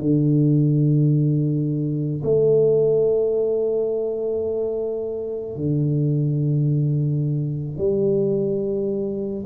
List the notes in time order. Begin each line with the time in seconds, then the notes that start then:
0.00 D3
2.24 A3
5.56 D3
7.78 G3